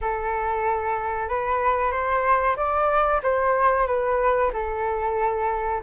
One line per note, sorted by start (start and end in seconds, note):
0.01 1.28 A4
1.28 1.91 B4
1.91 2.56 C5
2.56 3.21 D5
3.23 3.86 C5
3.86 4.51 B4
4.53 5.82 A4